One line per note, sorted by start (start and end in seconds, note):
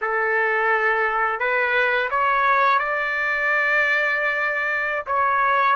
0.01 1.39 A4
1.39 2.09 B4
2.10 2.78 C#5
2.78 5.05 D5
5.06 5.76 C#5